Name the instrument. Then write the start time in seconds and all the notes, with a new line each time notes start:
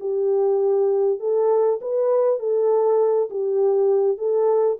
horn
0.00 G4
1.19 A4
1.81 B4
2.39 A4
3.30 G4
4.18 A4